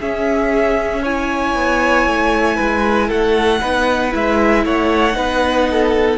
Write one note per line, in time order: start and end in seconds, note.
0.00 1.04 C#4
0.00 1.55 C#4
0.00 1.02 G#4
0.00 1.04 E5
1.02 3.61 E4
1.02 2.56 C#5
1.02 3.09 G#5
1.55 2.06 B3
2.06 2.58 A3
2.56 3.10 G#3
2.56 3.07 B4
3.07 3.62 A3
3.07 3.59 A4
3.07 4.13 F#5
3.60 4.14 B3
3.60 4.11 D#4
3.60 4.64 B4
4.11 4.65 G#3
4.11 5.12 E4
4.11 4.66 E5
4.65 5.16 A3
4.65 5.16 C#5
4.65 6.18 F#5
5.12 6.18 B3
5.12 6.16 D#4
5.12 5.68 B4
5.71 6.18 A4